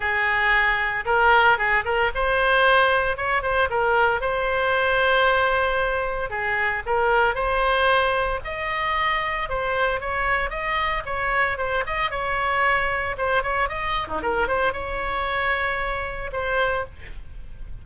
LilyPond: \new Staff \with { instrumentName = "oboe" } { \time 4/4 \tempo 4 = 114 gis'2 ais'4 gis'8 ais'8 | c''2 cis''8 c''8 ais'4 | c''1 | gis'4 ais'4 c''2 |
dis''2 c''4 cis''4 | dis''4 cis''4 c''8 dis''8 cis''4~ | cis''4 c''8 cis''8 dis''8. dis'16 ais'8 c''8 | cis''2. c''4 | }